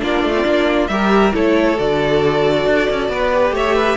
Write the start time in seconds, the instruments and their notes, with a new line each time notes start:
0.00 cello A#3, viola D4, violin F4 D5
0.23 cello A3
0.36 viola C4
0.44 cello A#3, viola D4
0.88 cello G3, viola G4, violin A#4 E5
1.33 cello A3, viola E4, violin A4 C#5
1.79 cello D3, viola F#4, violin D5
2.66 cello D4
2.91 cello C#4
3.09 cello B3, violin B4
3.33 viola G4
3.52 cello A3, violin C#5 E5
3.76 violin B4